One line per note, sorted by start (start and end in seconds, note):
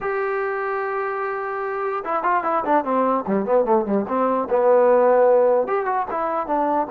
0.01 2.03 G4
2.04 2.23 E4
2.23 2.43 F4
2.43 2.64 E4
2.64 2.84 D4
2.84 3.24 C4
3.27 3.45 G3
3.45 3.64 B3
3.64 3.85 A3
3.85 4.05 G3
4.08 4.48 C4
4.49 5.67 B3
5.67 5.85 G4
5.85 6.05 F#4
6.10 6.46 E4
6.46 6.87 D4